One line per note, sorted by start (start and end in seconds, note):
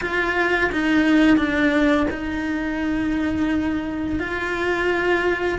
0.01 0.70 F4
0.72 1.37 D#4
1.37 2.06 D4
2.10 4.19 D#4
4.19 5.58 F4